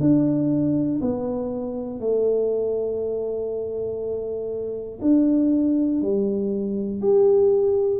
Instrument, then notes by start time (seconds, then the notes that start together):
tuba
0.00 D4
1.01 B3
2.00 A3
5.01 D4
6.01 G3
7.01 G4